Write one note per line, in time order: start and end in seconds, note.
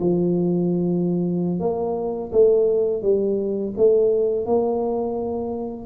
0.00 1.60 F3
1.60 2.31 A#3
2.32 3.02 A3
3.02 3.73 G3
3.77 4.46 A3
4.46 5.86 A#3